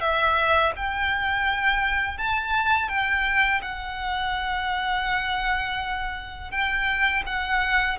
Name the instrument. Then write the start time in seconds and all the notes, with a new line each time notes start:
violin
0.00 E5
0.76 G5
2.18 A5
2.88 G5
3.62 F#5
6.51 G5
7.26 F#5